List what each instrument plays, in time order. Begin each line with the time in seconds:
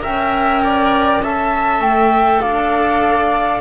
0.00 double bass C#4, cello A#4, viola E5, flute G5
0.64 viola D5
1.22 cello A4, viola E5, flute A5
1.79 double bass A3, flute G5
2.41 double bass D4, viola D5, flute F5